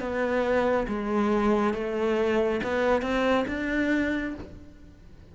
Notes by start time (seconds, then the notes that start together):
0.00 B3
0.88 G#3
1.74 A3
2.64 B3
3.02 C4
3.48 D4